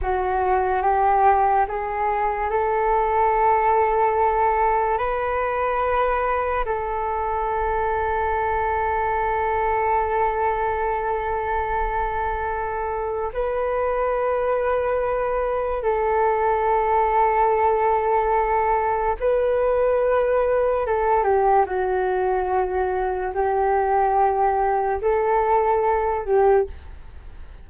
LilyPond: \new Staff \with { instrumentName = "flute" } { \time 4/4 \tempo 4 = 72 fis'4 g'4 gis'4 a'4~ | a'2 b'2 | a'1~ | a'1 |
b'2. a'4~ | a'2. b'4~ | b'4 a'8 g'8 fis'2 | g'2 a'4. g'8 | }